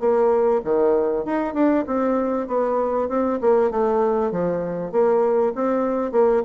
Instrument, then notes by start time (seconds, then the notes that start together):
bassoon
0.00 A#3
0.64 D#3
1.25 D#4
1.54 D4
1.87 C4
2.48 B3
3.09 C4
3.41 A#3
3.71 A3
4.32 F3
4.92 A#3
5.55 C4
6.12 A#3